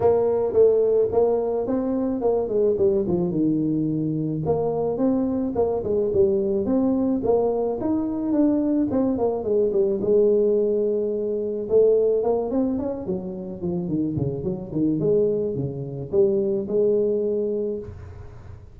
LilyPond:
\new Staff \with { instrumentName = "tuba" } { \time 4/4 \tempo 4 = 108 ais4 a4 ais4 c'4 | ais8 gis8 g8 f8 dis2 | ais4 c'4 ais8 gis8 g4 | c'4 ais4 dis'4 d'4 |
c'8 ais8 gis8 g8 gis2~ | gis4 a4 ais8 c'8 cis'8 fis8~ | fis8 f8 dis8 cis8 fis8 dis8 gis4 | cis4 g4 gis2 | }